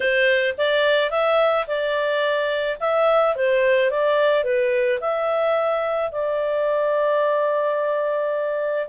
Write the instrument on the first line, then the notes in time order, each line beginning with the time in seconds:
clarinet
0.00 C5
0.57 D5
1.10 E5
1.67 D5
2.80 E5
3.35 C5
3.90 D5
4.43 B4
5.00 E5
6.11 D5